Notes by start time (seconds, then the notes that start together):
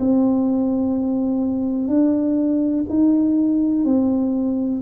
0.00 C4
1.88 D4
2.89 D#4
3.85 C4